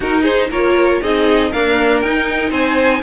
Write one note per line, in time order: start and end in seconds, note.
0.00 0.50 D#4
0.00 0.51 D#4
0.00 0.21 F#4
0.00 0.24 A#4
0.21 0.46 G#4
0.21 0.49 C5
0.50 1.01 A#3
0.50 1.01 F4
0.50 1.00 A#4
0.50 1.02 C#5
1.01 1.52 C4
1.01 1.52 D#4
1.01 1.50 G#4
1.01 1.52 D#5
1.50 2.04 A#3
1.50 2.03 D4
1.50 2.49 A#4
1.50 2.01 F5
2.01 2.50 D#4
2.01 3.02 D#4
2.01 2.51 G5
2.49 3.01 C4
2.49 3.00 C5
2.49 3.02 G#5